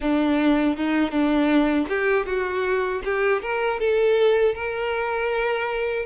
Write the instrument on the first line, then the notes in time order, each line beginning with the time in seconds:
violin
0.00 D4
0.76 D#4
1.10 D4
1.88 G4
2.26 F#4
3.04 G4
3.42 A#4
3.79 A4
4.54 A#4